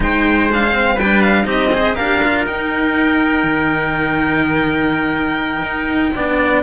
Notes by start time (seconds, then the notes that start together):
0.00 G#3 D#4 C5 G5
0.51 D4 F5
0.71 C4
0.94 G3 B4 G5
1.03 D4
1.21 F5
1.44 C4 D#4 G4
1.50 D#5
1.73 G#4 C5
1.95 D4 G4 A#4 F5
2.24 F4
2.46 D#4 G5
3.43 D#3
5.62 D#4
6.15 B3 D4 D5